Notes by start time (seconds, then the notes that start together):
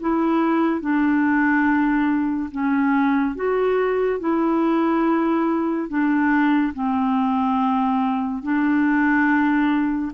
0.00 E4
0.81 D4
2.51 C#4
3.35 F#4
4.20 E4
5.88 D4
6.73 C4
8.42 D4